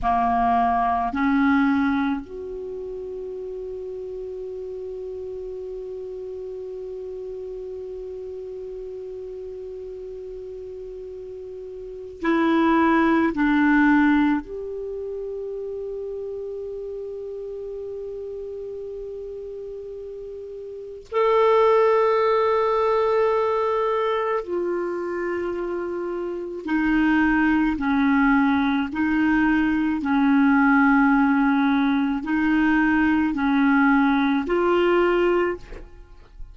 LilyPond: \new Staff \with { instrumentName = "clarinet" } { \time 4/4 \tempo 4 = 54 ais4 cis'4 fis'2~ | fis'1~ | fis'2. e'4 | d'4 g'2.~ |
g'2. a'4~ | a'2 f'2 | dis'4 cis'4 dis'4 cis'4~ | cis'4 dis'4 cis'4 f'4 | }